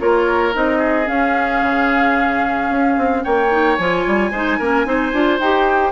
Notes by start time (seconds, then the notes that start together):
0.00 A#3 F4 A#4 C#5
0.54 C4 D#4 D#5
0.79 G#4
1.06 C#4 F5
1.62 C#3
2.70 C#4
2.98 C4
3.24 A#3 C#5 G5
3.51 D#4
3.76 F3 F4 G#5
4.07 G3
4.31 G#3 D#4 C5
4.59 A#3 C#4 A#4
4.86 C4 D#4 C5
5.13 D4 F4
5.40 D#4 G4 G5